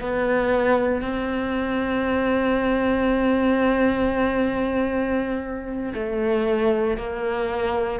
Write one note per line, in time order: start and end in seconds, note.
0.00 1.02 B3
1.02 5.93 C4
5.94 6.97 A3
6.97 8.00 A#3